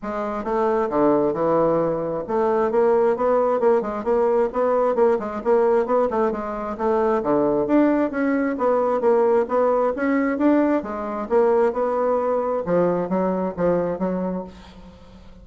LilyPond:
\new Staff \with { instrumentName = "bassoon" } { \time 4/4 \tempo 4 = 133 gis4 a4 d4 e4~ | e4 a4 ais4 b4 | ais8 gis8 ais4 b4 ais8 gis8 | ais4 b8 a8 gis4 a4 |
d4 d'4 cis'4 b4 | ais4 b4 cis'4 d'4 | gis4 ais4 b2 | f4 fis4 f4 fis4 | }